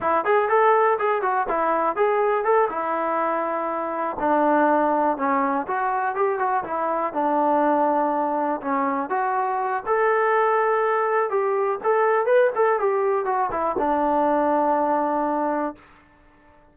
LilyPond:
\new Staff \with { instrumentName = "trombone" } { \time 4/4 \tempo 4 = 122 e'8 gis'8 a'4 gis'8 fis'8 e'4 | gis'4 a'8 e'2~ e'8~ | e'8 d'2 cis'4 fis'8~ | fis'8 g'8 fis'8 e'4 d'4.~ |
d'4. cis'4 fis'4. | a'2. g'4 | a'4 b'8 a'8 g'4 fis'8 e'8 | d'1 | }